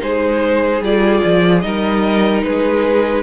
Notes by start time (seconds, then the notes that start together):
0.00 G#3 D#4 G#4 C5
0.81 G3 F4 D5
1.25 F3
1.61 G3 D#4 A#4 D#5
2.43 G#3 G#4 B4